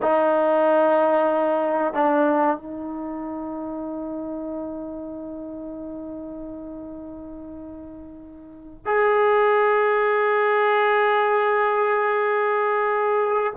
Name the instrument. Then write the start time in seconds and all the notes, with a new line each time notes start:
trombone
0.02 D#4
1.93 D4
2.57 D#4
8.85 G#4